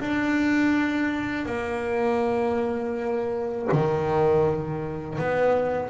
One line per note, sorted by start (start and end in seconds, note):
0.00 1.45 D4
1.45 3.68 A#3
3.71 5.18 D#3
5.18 5.89 B3